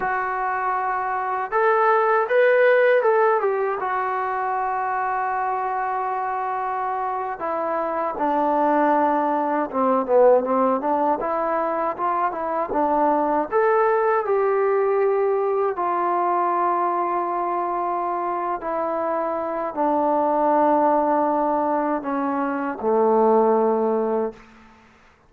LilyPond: \new Staff \with { instrumentName = "trombone" } { \time 4/4 \tempo 4 = 79 fis'2 a'4 b'4 | a'8 g'8 fis'2.~ | fis'4.~ fis'16 e'4 d'4~ d'16~ | d'8. c'8 b8 c'8 d'8 e'4 f'16~ |
f'16 e'8 d'4 a'4 g'4~ g'16~ | g'8. f'2.~ f'16~ | f'8 e'4. d'2~ | d'4 cis'4 a2 | }